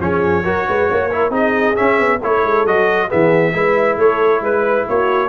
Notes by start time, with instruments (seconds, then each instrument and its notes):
0.00 tuba F3, trombone C#4, horn G#4, trumpet C#5
0.45 tuba F#3, trombone F#4, horn A#4
0.69 tuba G#3, horn B4
0.90 tuba A#3, horn C#5
1.10 trombone E4, horn A#4
1.30 tuba C4, trombone D#4, horn G#4, trumpet D#5
1.76 trombone C#4, tuba C#4, trumpet E5
1.99 tuba B3
2.22 tuba A3, trombone E4, horn A4, trumpet C#5
2.44 tuba G#3
2.67 tuba F#3, trombone F#4, trumpet D#5
3.09 tuba E3, trombone B3, horn G#4, trumpet E5
3.54 tuba G#3, trombone E4, horn B4
3.98 tuba A3, horn A4, trumpet C#5
4.42 tuba G#3, horn B4, trumpet B4
4.88 tuba A#3, horn F#4, trumpet C#5